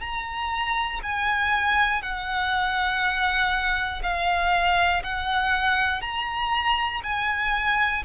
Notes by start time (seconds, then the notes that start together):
0.00 A#5
1.03 G#5
2.02 F#5
4.03 F5
5.03 F#5
6.01 A#5
7.03 G#5